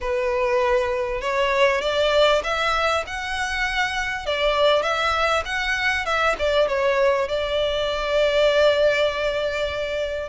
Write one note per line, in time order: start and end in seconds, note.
0.00 1.21 B4
1.21 1.81 C#5
1.81 2.42 D5
2.43 3.04 E5
3.06 4.26 F#5
4.26 4.82 D5
4.82 5.43 E5
5.45 6.05 F#5
6.05 6.35 E5
6.38 6.67 D5
6.67 7.28 C#5
7.28 10.29 D5